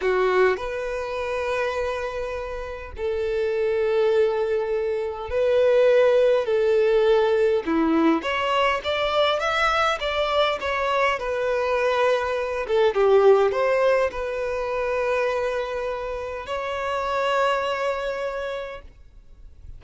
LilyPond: \new Staff \with { instrumentName = "violin" } { \time 4/4 \tempo 4 = 102 fis'4 b'2.~ | b'4 a'2.~ | a'4 b'2 a'4~ | a'4 e'4 cis''4 d''4 |
e''4 d''4 cis''4 b'4~ | b'4. a'8 g'4 c''4 | b'1 | cis''1 | }